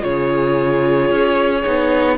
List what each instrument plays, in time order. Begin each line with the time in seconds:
0.00 cello C#3, viola F4, violin G#4 C#5
1.11 cello C#4
1.65 cello B3, viola D#4